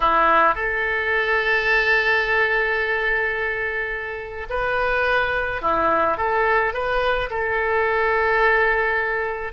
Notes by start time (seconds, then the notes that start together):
0.00 E4
0.55 A4
4.49 B4
5.61 E4
6.17 A4
6.73 B4
7.30 A4